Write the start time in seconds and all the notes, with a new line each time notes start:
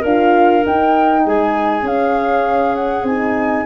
0.00 D4 F4 A#4 F5
0.64 D#4 G5
1.26 G#3 G#4 G#5
1.82 C#4 F5
2.75 F#5
3.03 C4 D#4 G#5